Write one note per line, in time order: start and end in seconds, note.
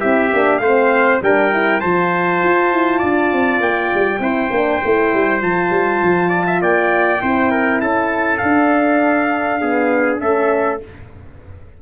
0.00 0.34 C4
0.00 0.31 E4
0.00 0.60 G4
0.00 0.58 E5
0.32 0.59 A#3
0.32 0.62 D4
0.58 1.20 A3
0.58 1.22 C4
0.58 1.22 C5
0.58 1.18 F5
1.21 1.81 G3
1.21 1.52 D4
1.21 1.81 A#4
1.21 1.80 G5
1.52 1.82 E4
1.80 2.43 F3
1.80 4.21 F4
1.80 2.98 C5
1.80 3.60 A5
2.43 2.72 F4
2.72 3.02 E4
2.98 3.32 D4
2.98 4.19 D5
3.32 3.60 C4
3.60 3.90 A#3
3.60 5.42 G5
3.94 4.19 G3
4.19 4.49 C4
4.19 4.51 E4
4.19 6.29 C5
4.51 4.81 A#3
4.51 4.83 D4
4.84 5.13 A3
4.84 5.41 E4
5.13 5.42 G3
5.41 5.70 F3
5.41 7.20 F4
5.41 6.62 A5
5.70 6.00 G3
6.03 6.62 F3
6.29 6.44 D5
6.46 6.62 E5
6.62 7.22 A#3
6.62 7.21 D5
6.62 7.80 G5
7.20 7.82 C4
7.20 8.40 E4
7.20 7.51 C5
7.51 7.81 A#4
7.80 8.42 C#4
7.80 9.61 A4
7.80 8.38 A5
8.38 9.61 D4
8.38 10.22 D4
8.38 10.18 F5
9.61 10.19 B3
9.61 10.20 G#4
10.19 10.82 A3
10.19 10.79 C#4
10.19 10.80 A4
10.19 10.80 E5